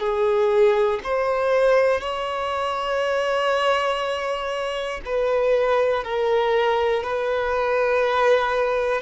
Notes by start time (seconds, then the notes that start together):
0.00 G#4
1.04 C5
2.01 C#5
5.05 B4
6.05 A#4
7.04 B4